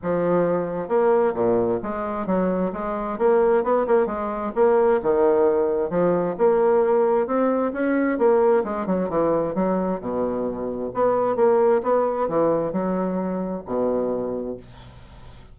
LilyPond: \new Staff \with { instrumentName = "bassoon" } { \time 4/4 \tempo 4 = 132 f2 ais4 ais,4 | gis4 fis4 gis4 ais4 | b8 ais8 gis4 ais4 dis4~ | dis4 f4 ais2 |
c'4 cis'4 ais4 gis8 fis8 | e4 fis4 b,2 | b4 ais4 b4 e4 | fis2 b,2 | }